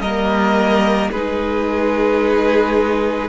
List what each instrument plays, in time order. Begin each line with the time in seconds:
0.00 cello G3, viola A#3, violin A#4 D#5
1.11 cello G#3, viola D#4, violin G#4 B4